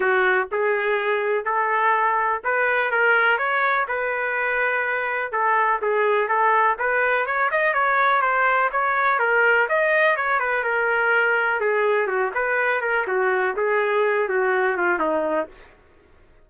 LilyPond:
\new Staff \with { instrumentName = "trumpet" } { \time 4/4 \tempo 4 = 124 fis'4 gis'2 a'4~ | a'4 b'4 ais'4 cis''4 | b'2. a'4 | gis'4 a'4 b'4 cis''8 dis''8 |
cis''4 c''4 cis''4 ais'4 | dis''4 cis''8 b'8 ais'2 | gis'4 fis'8 b'4 ais'8 fis'4 | gis'4. fis'4 f'8 dis'4 | }